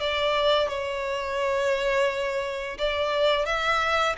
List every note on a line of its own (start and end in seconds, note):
0.00 0.68 D5
0.68 2.77 C#5
2.78 3.46 D5
3.46 4.15 E5